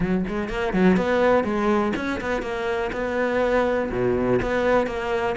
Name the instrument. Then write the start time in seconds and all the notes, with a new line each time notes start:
cello
0.00 F#3
0.28 G#3
0.49 A#3
0.73 F#3
0.96 B3
1.44 G#3
1.96 C#4
2.20 B3
2.42 A#3
2.92 B3
3.91 B2
4.41 B3
4.86 A#3